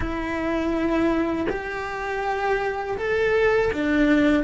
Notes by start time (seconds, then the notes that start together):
0.00 E4
1.48 G4
2.97 A4
3.72 D4